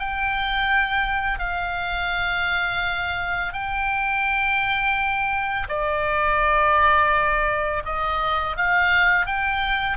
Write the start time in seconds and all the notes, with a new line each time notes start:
0.00 G5
1.40 F5
3.54 G5
5.69 D5
7.86 D#5
8.57 F5
9.27 G5